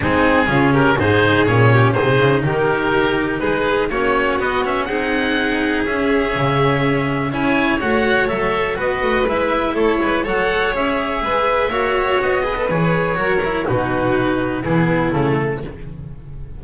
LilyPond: <<
  \new Staff \with { instrumentName = "oboe" } { \time 4/4 \tempo 4 = 123 gis'4. ais'8 c''4 cis''4 | c''4 ais'2 b'4 | cis''4 dis''8 e''8 fis''2 | e''2. gis''4 |
fis''4 e''4 dis''4 e''4 | cis''4 fis''4 e''2~ | e''4 dis''4 cis''2 | b'2 gis'4 a'4 | }
  \new Staff \with { instrumentName = "violin" } { \time 4/4 dis'4 f'8 g'8 gis'4. g'8 | gis'4 g'2 gis'4 | fis'2 gis'2~ | gis'2. cis''4~ |
cis''2 b'2 | a'8 b'8 cis''2 b'4 | cis''4. b'4. ais'4 | fis'2 e'2 | }
  \new Staff \with { instrumentName = "cello" } { \time 4/4 c'4 cis'4 dis'4 cis'4 | dis'1 | cis'4 b8 cis'8 dis'2 | cis'2. e'4 |
fis'4 a'4 fis'4 e'4~ | e'4 a'4 gis'2 | fis'4. gis'16 a'16 gis'4 fis'8 e'8 | dis'2 b4 a4 | }
  \new Staff \with { instrumentName = "double bass" } { \time 4/4 gis4 cis4 gis,4 ais,4 | c8 cis8 dis2 gis4 | ais4 b4 c'2 | cis'4 cis2 cis'4 |
a4 fis4 b8 a8 gis4 | a8 gis8 fis4 cis'4 gis4 | ais4 b4 e4 fis4 | b,2 e4 cis4 | }
>>